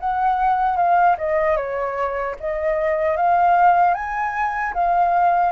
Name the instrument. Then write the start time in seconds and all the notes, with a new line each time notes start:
flute
0.00 F#5
0.77 F5
1.18 D#5
1.57 C#5
2.40 D#5
3.17 F5
3.95 G#5
4.74 F5